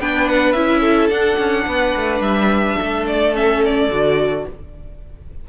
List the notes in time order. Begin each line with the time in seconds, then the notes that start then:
0.00 B3 D4 B4 G5
0.28 F#5
0.52 C#4 E4 E5
0.80 A4
1.10 D4 F#5
1.39 C#4
1.67 B3 B4
1.96 A3
2.20 G3 E5
2.78 A3 A4
3.07 D5
3.34 C#4 E5
3.65 D5
3.89 D3 F#4